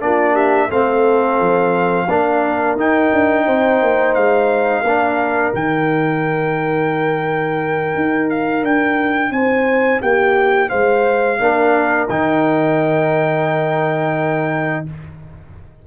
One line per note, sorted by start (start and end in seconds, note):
0.00 0.70 A#3
0.00 0.69 D4
0.00 0.33 F4
0.00 0.35 D5
0.33 0.67 G4
0.33 0.70 E5
0.69 1.40 A3
0.69 2.07 C4
0.69 2.07 A4
0.69 2.77 F5
1.40 2.08 F3
2.08 2.75 A#3
2.08 2.77 D4
2.08 3.45 A#4
2.75 3.10 D#4
2.75 4.84 D#4
2.75 4.14 G5
3.12 3.47 D4
3.45 3.81 C4
3.45 4.83 C5
3.81 4.16 A#3
4.14 4.82 G#3
4.14 5.52 F5
4.82 5.51 A#3
4.82 5.53 D4
4.82 9.31 A#4
5.53 7.95 D#3
5.53 11.39 D#4
5.53 8.29 G5
7.95 8.62 D#4
8.29 8.64 F5
8.62 9.30 D4
8.62 9.32 G5
9.30 9.99 C4
9.30 10.01 C5
9.30 10.01 G#5
10.01 10.71 A#3
10.01 10.68 G4
10.01 10.69 G5
10.68 11.39 G#3
10.68 11.37 C5
10.68 12.07 F5
11.39 12.08 A#3
11.39 12.08 D4
11.39 14.86 A#4
12.08 14.84 D#3
12.08 14.86 D#4
12.08 14.84 G5